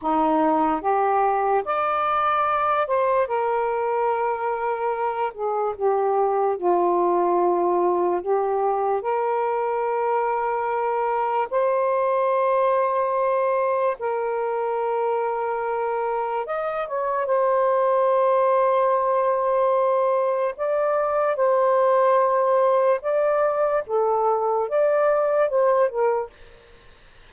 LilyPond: \new Staff \with { instrumentName = "saxophone" } { \time 4/4 \tempo 4 = 73 dis'4 g'4 d''4. c''8 | ais'2~ ais'8 gis'8 g'4 | f'2 g'4 ais'4~ | ais'2 c''2~ |
c''4 ais'2. | dis''8 cis''8 c''2.~ | c''4 d''4 c''2 | d''4 a'4 d''4 c''8 ais'8 | }